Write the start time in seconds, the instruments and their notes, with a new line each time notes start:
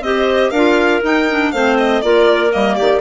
0.00 bassoon C4, clarinet G4 C5, violin D#5
0.50 bassoon D4, clarinet F4 A#4, violin F5
1.02 clarinet D#4, bassoon D#4, violin G5
1.29 clarinet D4
1.51 bassoon A3, clarinet C4 C5, violin F5
1.77 violin D#5
2.01 bassoon A#3, clarinet F4 A#4, violin D5
2.50 bassoon G3, clarinet A#3, violin D#5
2.75 bassoon D#3, clarinet G4, violin D5